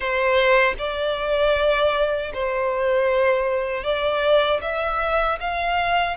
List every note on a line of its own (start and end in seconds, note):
0.00 0.74 C5
0.78 2.32 D5
2.33 3.83 C5
3.83 4.60 D5
4.62 5.38 E5
5.40 6.16 F5